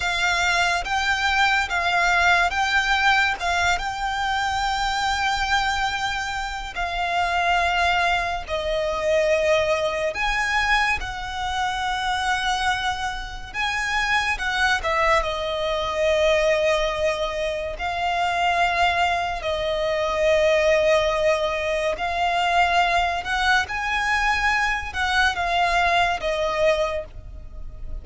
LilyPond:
\new Staff \with { instrumentName = "violin" } { \time 4/4 \tempo 4 = 71 f''4 g''4 f''4 g''4 | f''8 g''2.~ g''8 | f''2 dis''2 | gis''4 fis''2. |
gis''4 fis''8 e''8 dis''2~ | dis''4 f''2 dis''4~ | dis''2 f''4. fis''8 | gis''4. fis''8 f''4 dis''4 | }